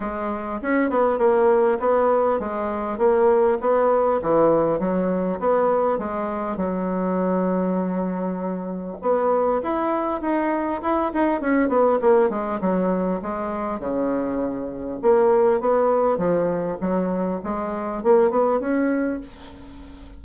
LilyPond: \new Staff \with { instrumentName = "bassoon" } { \time 4/4 \tempo 4 = 100 gis4 cis'8 b8 ais4 b4 | gis4 ais4 b4 e4 | fis4 b4 gis4 fis4~ | fis2. b4 |
e'4 dis'4 e'8 dis'8 cis'8 b8 | ais8 gis8 fis4 gis4 cis4~ | cis4 ais4 b4 f4 | fis4 gis4 ais8 b8 cis'4 | }